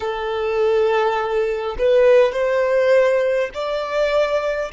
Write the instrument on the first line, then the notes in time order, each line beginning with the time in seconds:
violin
0.00 A4
1.78 B4
2.32 C5
3.53 D5